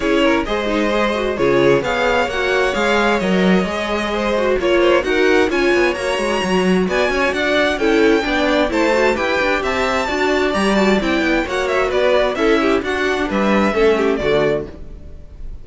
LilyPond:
<<
  \new Staff \with { instrumentName = "violin" } { \time 4/4 \tempo 4 = 131 cis''4 dis''2 cis''4 | f''4 fis''4 f''4 dis''4~ | dis''2 cis''4 fis''4 | gis''4 ais''2 gis''4 |
fis''4 g''2 a''4 | g''4 a''2 ais''8 a''8 | g''4 fis''8 e''8 d''4 e''4 | fis''4 e''2 d''4 | }
  \new Staff \with { instrumentName = "violin" } { \time 4/4 gis'8 ais'8 c''2 gis'4 | cis''1~ | cis''4 c''4 cis''8 c''8 ais'4 | cis''2. d''8 cis''8 |
d''4 a'4 d''4 c''4 | b'4 e''4 d''2~ | d''4 cis''4 b'4 a'8 g'8 | fis'4 b'4 a'8 g'8 fis'4 | }
  \new Staff \with { instrumentName = "viola" } { \time 4/4 e'4 gis'8 dis'8 gis'8 fis'8 f'4 | gis'4 fis'4 gis'4 ais'4 | gis'4. fis'8 f'4 fis'4 | f'4 fis'2.~ |
fis'4 e'4 d'4 e'8 fis'8 | g'2 fis'4 g'8 fis'8 | e'4 fis'2 e'4 | d'2 cis'4 a4 | }
  \new Staff \with { instrumentName = "cello" } { \time 4/4 cis'4 gis2 cis4 | b4 ais4 gis4 fis4 | gis2 ais4 dis'4 | cis'8 b8 ais8 gis8 fis4 b8 cis'8 |
d'4 cis'4 b4 a4 | e'8 d'8 c'4 d'4 g4 | c'8 b8 ais4 b4 cis'4 | d'4 g4 a4 d4 | }
>>